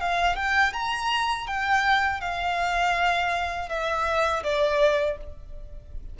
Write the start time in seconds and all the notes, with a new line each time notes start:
0.00 F5
0.36 G5
0.73 A#5
1.47 G5
2.21 F5
3.69 E5
4.43 D5